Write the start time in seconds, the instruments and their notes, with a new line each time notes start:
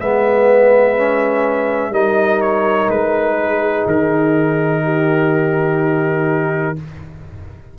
0.00 tuba G#3, trombone B3, horn B4, trumpet E5
0.97 trombone C#4
1.91 tuba G3, trombone D#4, horn A#4, trumpet D#5
2.41 trumpet C#5
2.88 tuba G#3, trumpet B4
3.39 horn G#4
3.86 tuba D#3, trumpet A#4
4.83 horn G4